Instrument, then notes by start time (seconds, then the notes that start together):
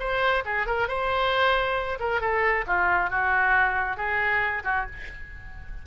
oboe
0.00 C5
0.46 G#4
0.67 A#4
0.88 C5
2.00 A#4
2.21 A4
2.67 F4
3.10 F#4
3.97 G#4
4.64 F#4